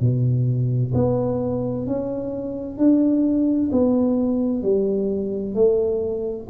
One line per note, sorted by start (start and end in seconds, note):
0.00 0.92 B2
0.94 1.86 B3
1.86 2.78 C#4
2.78 3.70 D4
3.71 4.62 B3
4.62 5.54 G3
5.54 6.47 A3